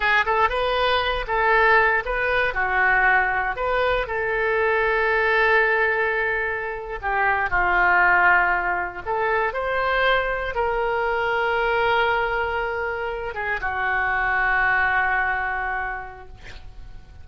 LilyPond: \new Staff \with { instrumentName = "oboe" } { \time 4/4 \tempo 4 = 118 gis'8 a'8 b'4. a'4. | b'4 fis'2 b'4 | a'1~ | a'4.~ a'16 g'4 f'4~ f'16~ |
f'4.~ f'16 a'4 c''4~ c''16~ | c''8. ais'2.~ ais'16~ | ais'2~ ais'16 gis'8 fis'4~ fis'16~ | fis'1 | }